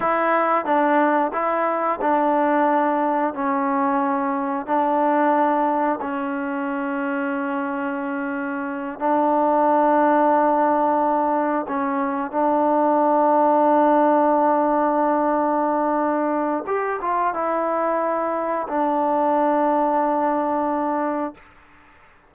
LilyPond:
\new Staff \with { instrumentName = "trombone" } { \time 4/4 \tempo 4 = 90 e'4 d'4 e'4 d'4~ | d'4 cis'2 d'4~ | d'4 cis'2.~ | cis'4. d'2~ d'8~ |
d'4. cis'4 d'4.~ | d'1~ | d'4 g'8 f'8 e'2 | d'1 | }